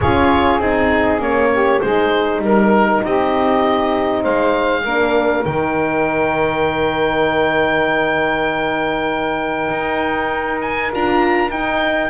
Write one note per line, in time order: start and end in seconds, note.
0.00 0.58 C#4
0.00 0.60 F4
0.00 1.49 G#4
0.00 0.60 C#5
0.58 1.19 C4
0.58 1.20 D#4
0.58 1.21 G#4
1.19 1.79 A#3
1.19 1.81 C#4
1.19 1.81 C#5
1.52 1.82 G4
1.81 2.39 G#3
1.81 4.84 D#4
1.81 2.43 G#4
1.81 2.41 C5
2.39 2.99 G3
2.39 3.03 A#4
2.39 3.05 A#4
3.04 4.25 C4
3.04 4.21 G4
3.04 4.24 D#5
4.21 4.85 G#3
4.21 4.82 C5
4.21 5.44 F5
4.83 5.45 A#3
4.83 5.45 D4
4.83 12.09 A#4
5.44 9.70 D#3
5.44 10.90 D#4
5.44 10.60 G5
9.70 10.91 D#4
10.61 10.91 G#5
10.92 11.51 D4
10.92 11.50 F4
10.92 11.51 A#5
11.50 12.09 D#4
11.50 12.09 G5